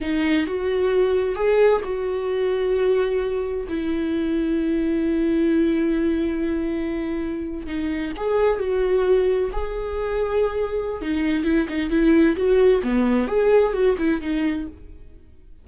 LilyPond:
\new Staff \with { instrumentName = "viola" } { \time 4/4 \tempo 4 = 131 dis'4 fis'2 gis'4 | fis'1 | e'1~ | e'1~ |
e'8. dis'4 gis'4 fis'4~ fis'16~ | fis'8. gis'2.~ gis'16 | dis'4 e'8 dis'8 e'4 fis'4 | b4 gis'4 fis'8 e'8 dis'4 | }